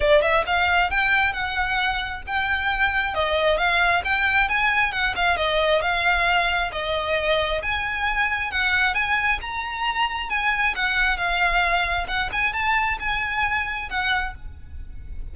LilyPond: \new Staff \with { instrumentName = "violin" } { \time 4/4 \tempo 4 = 134 d''8 e''8 f''4 g''4 fis''4~ | fis''4 g''2 dis''4 | f''4 g''4 gis''4 fis''8 f''8 | dis''4 f''2 dis''4~ |
dis''4 gis''2 fis''4 | gis''4 ais''2 gis''4 | fis''4 f''2 fis''8 gis''8 | a''4 gis''2 fis''4 | }